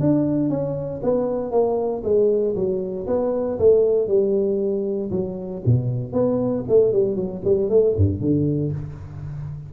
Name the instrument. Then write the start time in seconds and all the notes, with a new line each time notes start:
tuba
0.00 D4
0.49 C#4
1.03 B3
1.51 A#3
2.03 G#3
2.55 F#3
3.07 B3
3.59 A3
4.08 G3
5.10 F#3
5.65 B2
6.13 B3
6.68 A3
6.92 G3
7.16 F#3
7.44 G3
7.69 A3
7.97 G2
8.21 D3